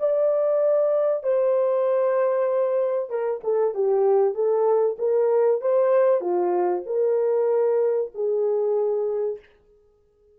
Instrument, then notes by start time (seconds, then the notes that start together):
horn
0.00 D5
1.24 C5
3.10 A#4
3.44 A4
3.75 G4
4.35 A4
4.99 A#4
5.62 C5
6.21 F4
6.87 A#4
8.15 G#4